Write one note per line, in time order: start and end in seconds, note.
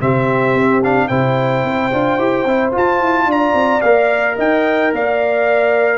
0.00 0.54 C3
0.00 0.82 C4
0.00 1.07 G4
0.00 0.82 E5
0.54 1.09 C4
0.83 1.09 D4
0.83 1.07 F5
1.07 1.63 C3
1.07 1.91 E4
1.07 3.25 C5
1.07 2.71 G5
1.63 1.91 C4
1.91 2.18 D4
1.91 2.18 F4
2.18 2.45 E4
2.18 2.45 G4
2.45 2.72 C4
2.45 2.72 E4
2.72 3.81 F4
2.72 3.00 F4
2.72 3.31 A5
3.00 3.25 E4
3.25 3.53 D4
3.25 4.36 D5
3.25 3.81 A#5
3.53 3.81 C4
3.81 4.37 A#3
3.81 5.97 A#4
3.81 4.35 F5
4.36 4.92 D#4
4.36 4.91 D#5
4.36 4.93 G5
4.92 5.97 A#3
4.92 5.97 D5
4.92 5.97 F5